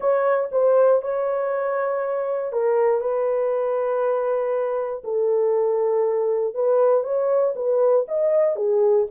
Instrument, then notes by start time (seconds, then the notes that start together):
horn
0.00 C#5
0.51 C5
1.02 C#5
2.52 A#4
3.00 B4
5.04 A4
6.54 B4
7.03 C#5
7.55 B4
8.07 D#5
8.56 G#4